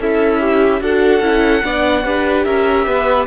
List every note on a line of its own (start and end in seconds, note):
0.00 0.82 C#4
0.00 0.83 E4
0.00 0.40 A4
0.00 0.83 E5
0.40 0.80 G4
0.80 1.21 D4
0.80 1.22 F#4
0.80 1.65 A4
0.80 2.45 F#5
1.21 1.62 C#4
1.21 1.63 E4
1.64 2.05 B3
1.64 2.05 D4
1.64 2.05 D5
2.05 2.46 D4
2.05 3.27 G4
2.05 2.46 B4
2.45 2.87 C#4
2.45 2.87 A#4
2.45 3.27 E5
2.87 3.27 B3
2.87 3.27 B4